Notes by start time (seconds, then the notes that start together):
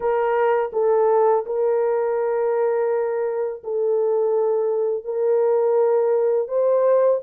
0.00 A#4
0.72 A4
1.46 A#4
3.63 A4
5.04 A#4
6.47 C5